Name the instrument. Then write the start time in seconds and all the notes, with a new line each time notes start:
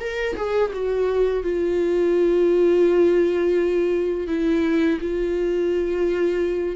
viola
0.00 A#4
0.36 G#4
0.73 F#4
1.43 F4
4.28 E4
5.01 F4